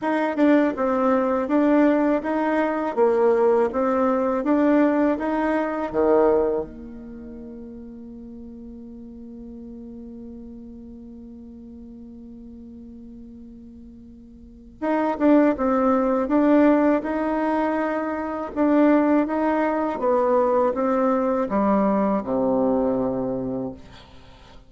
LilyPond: \new Staff \with { instrumentName = "bassoon" } { \time 4/4 \tempo 4 = 81 dis'8 d'8 c'4 d'4 dis'4 | ais4 c'4 d'4 dis'4 | dis4 ais2.~ | ais1~ |
ais1 | dis'8 d'8 c'4 d'4 dis'4~ | dis'4 d'4 dis'4 b4 | c'4 g4 c2 | }